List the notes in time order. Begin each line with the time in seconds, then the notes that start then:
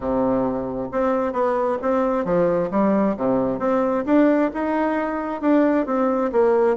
0.00 C3
0.91 C4
1.32 B3
1.82 C4
2.24 F3
2.70 G3
3.16 C3
3.59 C4
4.05 D4
4.53 D#4
5.41 D4
5.85 C4
6.32 A#3